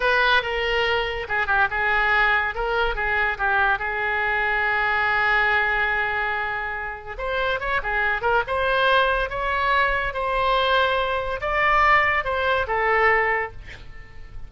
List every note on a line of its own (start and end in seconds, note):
0.00 0.42 B4
0.42 1.27 A#4
1.28 1.46 G#4
1.46 1.67 G4
1.70 2.54 G#4
2.54 2.95 A#4
2.95 3.37 G#4
3.38 3.78 G4
3.78 7.16 G#4
7.18 7.60 C5
7.60 7.81 C#5
7.82 8.21 G#4
8.21 8.42 A#4
8.47 9.29 C5
9.29 10.13 C#5
10.13 11.40 C5
11.40 12.24 D5
12.24 12.66 C5
12.67 13.51 A4